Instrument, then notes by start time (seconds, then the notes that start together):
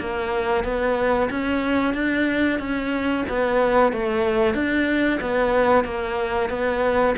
cello
0.00 A#3
0.64 B3
1.30 C#4
1.94 D4
2.59 C#4
3.29 B3
3.92 A3
4.54 D4
5.21 B3
5.85 A#3
6.50 B3